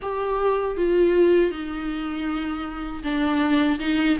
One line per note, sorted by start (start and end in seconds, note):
0.01 0.76 G4
0.76 1.51 F4
1.51 3.02 D#4
3.03 3.79 D4
3.79 4.17 D#4